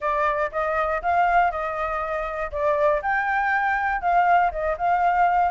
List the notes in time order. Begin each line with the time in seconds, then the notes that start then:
0.00 D5
0.51 D#5
1.02 F5
1.51 D#5
2.51 D5
3.02 G5
4.01 F5
4.51 D#5
4.77 F5